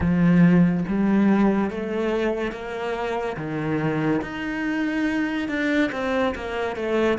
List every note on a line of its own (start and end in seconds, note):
0.00 0.84 F3
0.88 1.70 G3
1.70 2.52 A3
2.52 3.36 A#3
3.36 4.21 D#3
4.21 5.48 D#4
5.48 5.90 D4
5.92 6.34 C4
6.35 6.76 A#3
6.76 7.18 A3